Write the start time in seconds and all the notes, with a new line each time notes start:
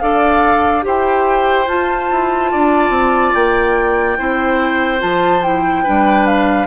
0.00 D4 A4 D5 F5
0.83 E4 G4 C5 G5
1.68 F4 A5
2.11 E4
2.52 D4 D5
2.90 C4
3.34 A#3 G5
4.18 C4 E4 C5
4.99 F3 F4 A5
5.43 E4 G5
5.84 G3 D4 B4
6.27 F5